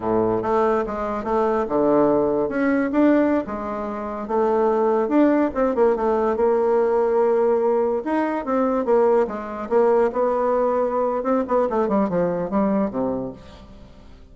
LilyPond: \new Staff \with { instrumentName = "bassoon" } { \time 4/4 \tempo 4 = 144 a,4 a4 gis4 a4 | d2 cis'4 d'4~ | d'16 gis2 a4.~ a16~ | a16 d'4 c'8 ais8 a4 ais8.~ |
ais2.~ ais16 dis'8.~ | dis'16 c'4 ais4 gis4 ais8.~ | ais16 b2~ b8. c'8 b8 | a8 g8 f4 g4 c4 | }